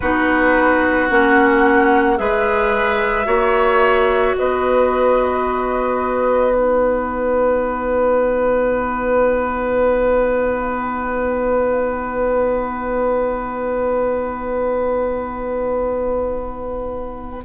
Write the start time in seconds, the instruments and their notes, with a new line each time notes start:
0.00 bassoon B3, clarinet D#4, oboe F#4, flute B4
1.10 bassoon A#3, clarinet C#4, flute F#5
2.16 bassoon G#3, clarinet G#4, oboe B4, flute E5
3.25 bassoon A#3, clarinet F#4, oboe C#5
4.37 bassoon B3, oboe B4, flute D#5
6.50 clarinet D#4, flute F#5